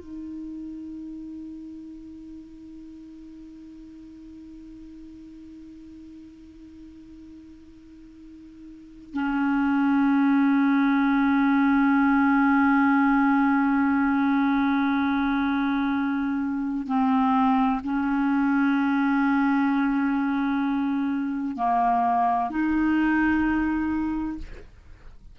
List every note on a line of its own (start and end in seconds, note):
0.00 9.14 D#4
9.14 16.87 C#4
16.87 17.81 C4
17.84 21.57 C#4
21.57 22.51 A#3
22.51 24.38 D#4